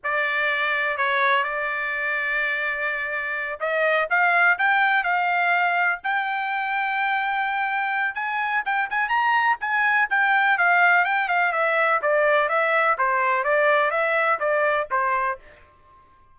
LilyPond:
\new Staff \with { instrumentName = "trumpet" } { \time 4/4 \tempo 4 = 125 d''2 cis''4 d''4~ | d''2.~ d''8 dis''8~ | dis''8 f''4 g''4 f''4.~ | f''8 g''2.~ g''8~ |
g''4 gis''4 g''8 gis''8 ais''4 | gis''4 g''4 f''4 g''8 f''8 | e''4 d''4 e''4 c''4 | d''4 e''4 d''4 c''4 | }